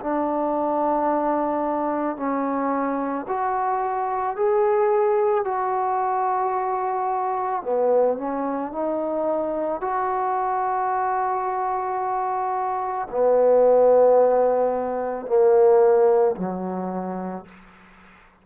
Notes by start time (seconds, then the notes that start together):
0.00 D4
2.16 C#4
3.28 F#4
4.36 G#4
5.44 F#4
7.62 B3
8.17 C#4
8.72 D#4
9.80 F#4
13.10 B3
15.26 A#3
16.36 F#3